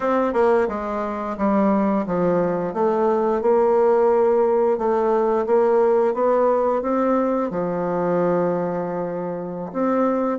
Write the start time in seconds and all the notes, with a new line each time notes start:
0.00 C4
0.33 A#3
0.68 G#3
1.37 G3
2.06 F3
2.73 A3
3.41 A#3
4.78 A3
5.46 A#3
6.14 B3
6.82 C4
7.50 F3
9.73 C4